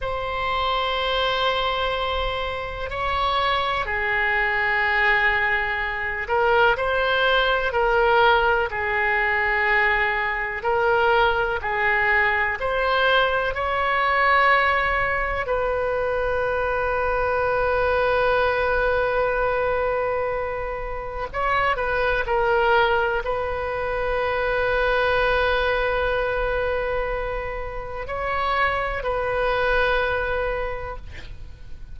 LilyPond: \new Staff \with { instrumentName = "oboe" } { \time 4/4 \tempo 4 = 62 c''2. cis''4 | gis'2~ gis'8 ais'8 c''4 | ais'4 gis'2 ais'4 | gis'4 c''4 cis''2 |
b'1~ | b'2 cis''8 b'8 ais'4 | b'1~ | b'4 cis''4 b'2 | }